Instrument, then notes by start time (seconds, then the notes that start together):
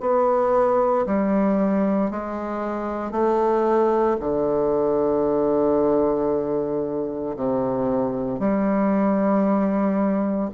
bassoon
0.00 B3
1.06 G3
2.11 G#3
3.11 A3
4.20 D3
7.36 C3
8.40 G3